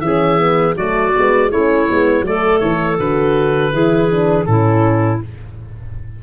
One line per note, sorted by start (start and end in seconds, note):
0.00 0.74 E3
0.00 0.39 C#4
0.00 0.76 G#4
0.00 0.74 E5
0.39 0.76 B3
0.76 1.13 F#3
0.76 1.13 A3
0.76 1.50 F#4
0.76 1.51 D5
1.14 1.51 G#3
1.14 1.51 B3
1.50 1.88 A3
1.50 1.88 C#4
1.50 2.24 E4
1.50 2.25 C#5
1.88 2.21 G#3
1.88 2.25 B3
2.21 2.58 F#3
2.21 2.98 A3
2.21 3.73 A4
2.21 2.59 D5
2.59 2.98 E3
2.59 2.96 C#5
2.98 3.72 D3
2.98 3.72 F#4
2.98 4.45 B4
3.72 4.46 E3
3.72 4.10 E4
3.72 4.47 G#4
4.11 4.45 D4
4.45 5.21 A2
4.45 5.19 C#4
4.45 5.23 E4
4.45 5.19 A4